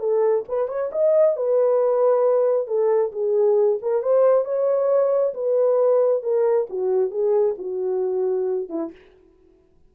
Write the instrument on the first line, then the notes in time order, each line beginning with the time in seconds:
horn
0.00 A4
0.48 B4
0.68 C#5
0.92 D#5
1.37 B4
2.67 A4
3.12 G#4
3.82 A#4
4.03 C5
4.45 C#5
5.34 B4
6.23 A#4
6.70 F#4
7.11 G#4
7.58 F#4
8.70 E4